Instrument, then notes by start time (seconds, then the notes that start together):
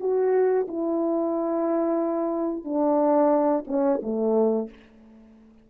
horn
0.00 F#4
0.68 E4
2.65 D4
3.67 C#4
4.03 A3